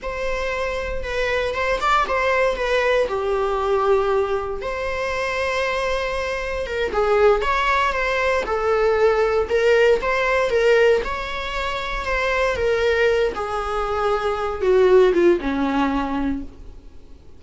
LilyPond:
\new Staff \with { instrumentName = "viola" } { \time 4/4 \tempo 4 = 117 c''2 b'4 c''8 d''8 | c''4 b'4 g'2~ | g'4 c''2.~ | c''4 ais'8 gis'4 cis''4 c''8~ |
c''8 a'2 ais'4 c''8~ | c''8 ais'4 cis''2 c''8~ | c''8 ais'4. gis'2~ | gis'8 fis'4 f'8 cis'2 | }